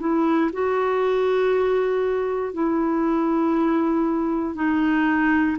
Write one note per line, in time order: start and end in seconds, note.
0.00 0.51 E4
0.53 2.54 F#4
2.54 4.55 E4
4.55 5.57 D#4